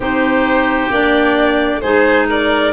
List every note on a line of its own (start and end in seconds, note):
0.00 0.89 C4
0.00 0.91 D#4
0.00 1.80 G4
0.00 0.91 C5
0.91 1.81 A#3
0.91 1.82 D4
0.91 1.80 D5
1.80 2.73 G#3
1.80 2.73 D#4
1.80 2.28 G#4
1.80 2.26 C5
2.28 2.73 A#4
2.28 2.73 D5